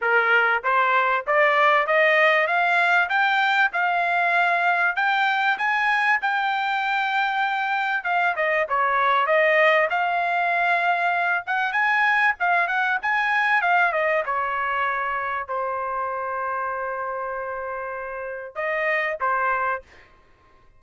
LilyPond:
\new Staff \with { instrumentName = "trumpet" } { \time 4/4 \tempo 4 = 97 ais'4 c''4 d''4 dis''4 | f''4 g''4 f''2 | g''4 gis''4 g''2~ | g''4 f''8 dis''8 cis''4 dis''4 |
f''2~ f''8 fis''8 gis''4 | f''8 fis''8 gis''4 f''8 dis''8 cis''4~ | cis''4 c''2.~ | c''2 dis''4 c''4 | }